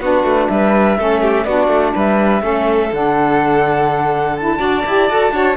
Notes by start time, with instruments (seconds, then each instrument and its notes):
0.00 cello B3, saxophone D4, violin F#4, flute B4
0.24 cello A3
0.48 cello G3, violin B4, flute E5
0.98 cello A3, saxophone C#4, violin A4
1.22 violin G4
1.45 cello B3, saxophone D4, violin F#4, flute D5
1.68 cello A3
1.95 cello G3, violin B4, flute E5
2.41 cello A3, saxophone C#4, violin A4
2.92 cello D3, saxophone D4, flute F#5
4.36 saxophone E4, flute A5
4.59 cello D4, saxophone F#4, violin D5
4.86 cello E4, saxophone G4
5.10 cello F#4, saxophone A4
5.32 cello D4, saxophone F#4, violin C#5